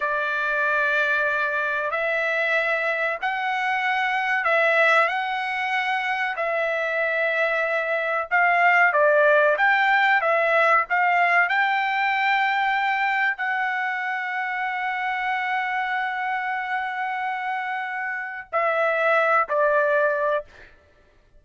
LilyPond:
\new Staff \with { instrumentName = "trumpet" } { \time 4/4 \tempo 4 = 94 d''2. e''4~ | e''4 fis''2 e''4 | fis''2 e''2~ | e''4 f''4 d''4 g''4 |
e''4 f''4 g''2~ | g''4 fis''2.~ | fis''1~ | fis''4 e''4. d''4. | }